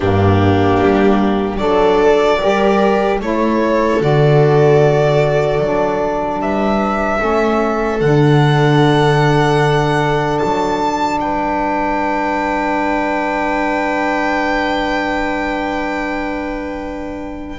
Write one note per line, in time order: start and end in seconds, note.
0.00 0.79 G2
0.00 1.58 A#3
0.00 1.59 D4
0.00 1.57 G4
0.81 1.60 G3
1.57 2.40 F#3
1.57 2.38 D4
1.57 2.39 A4
1.57 3.17 D5
2.40 3.20 G3
2.40 3.21 G4
2.40 3.20 A#4
3.20 4.00 A3
3.20 4.00 E4
3.20 6.41 A4
3.20 4.02 C#5
4.00 5.59 D3
4.00 5.60 F#4
4.00 6.41 D5
5.59 6.39 F#3
5.59 7.18 D4
6.39 7.19 G3
6.39 7.19 B4
6.39 8.00 E5
7.18 8.00 A3
7.18 7.98 C#4
7.18 11.19 A4
8.00 10.40 D3
8.00 17.58 D4
8.00 10.38 F#5
10.38 11.21 F#3
10.38 11.18 A5
11.20 17.58 G3
11.20 17.58 B4
11.20 17.58 G5